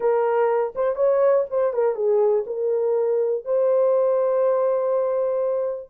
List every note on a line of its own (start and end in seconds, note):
0.00 0.73 A#4
0.75 0.95 C5
0.95 1.44 C#5
1.50 1.73 C5
1.73 1.95 A#4
1.95 2.44 G#4
2.46 3.44 A#4
3.44 5.90 C5